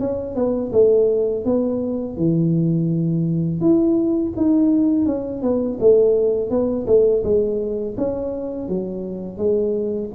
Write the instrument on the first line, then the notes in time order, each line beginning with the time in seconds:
tuba
0.00 C#4
0.35 B3
0.73 A3
1.45 B3
2.17 E3
3.61 E4
4.37 D#4
5.06 C#4
5.42 B3
5.81 A3
6.51 B3
6.87 A3
7.24 G#3
7.98 C#4
8.69 F#3
9.38 G#3